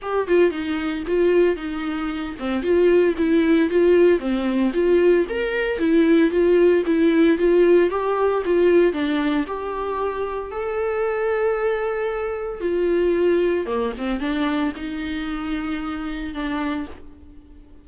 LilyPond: \new Staff \with { instrumentName = "viola" } { \time 4/4 \tempo 4 = 114 g'8 f'8 dis'4 f'4 dis'4~ | dis'8 c'8 f'4 e'4 f'4 | c'4 f'4 ais'4 e'4 | f'4 e'4 f'4 g'4 |
f'4 d'4 g'2 | a'1 | f'2 ais8 c'8 d'4 | dis'2. d'4 | }